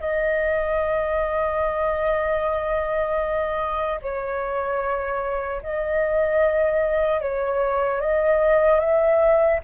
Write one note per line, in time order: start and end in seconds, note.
0.00 4.00 D#5
4.01 5.61 C#5
5.62 7.21 D#5
7.21 8.00 C#5
8.00 8.80 D#5
8.80 9.60 E5